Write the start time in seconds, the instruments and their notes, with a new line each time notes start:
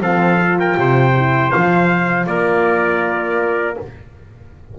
0.00 double bass F3, horn C4, trumpet A4 F5
0.37 horn F4
0.59 trumpet A#4 G5
0.77 double bass C3, trumpet C5
1.16 horn E4
1.51 double bass F3, horn F4, trumpet F5
2.26 double bass A#3, trumpet A#4 D5